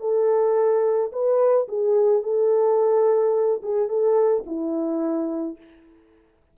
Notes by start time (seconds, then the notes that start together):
0.00 A4
1.12 B4
1.68 G#4
2.22 A4
3.62 G#4
3.88 A4
4.46 E4